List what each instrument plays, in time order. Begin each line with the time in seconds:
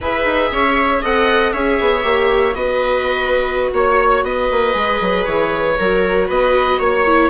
0.00 bassoon E4, viola G#4 B4, oboe E5
0.25 bassoon D#4
0.51 bassoon C#4, viola C#5
1.01 bassoon C4, viola A4 D#5, oboe F#5
1.52 bassoon C#4, viola G#4 C#5, oboe E5
1.80 bassoon B3
2.02 bassoon A#3, viola G4
2.54 bassoon B3, viola F#4 B4, oboe D#5
3.72 bassoon A#3, viola C#5, oboe C#5
4.23 bassoon B3, viola B4, oboe D#5
4.51 bassoon A#3
4.72 bassoon G#3, viola G#4
5.00 bassoon F#3
5.24 bassoon E3, oboe C#5
5.78 bassoon F#3, viola F#4 A#4
6.27 bassoon B3, viola B4, oboe D#5
6.78 bassoon A#3, viola C#5, oboe C#5
7.06 viola E4